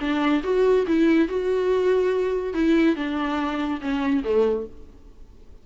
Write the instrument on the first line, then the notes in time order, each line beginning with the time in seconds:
viola
0.00 D4
0.43 F#4
0.87 E4
1.28 F#4
2.54 E4
2.95 D4
3.80 C#4
4.24 A3